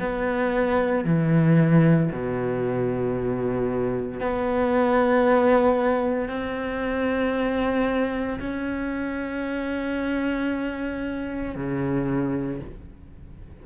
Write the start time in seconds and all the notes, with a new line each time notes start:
0.00 B3
1.05 E3
2.12 B2
4.21 B3
6.29 C4
8.40 C#4
11.56 C#3